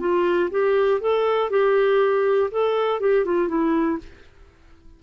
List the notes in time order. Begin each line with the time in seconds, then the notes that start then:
0.00 F4
0.51 G4
1.01 A4
1.50 G4
2.51 A4
3.00 G4
3.25 F4
3.48 E4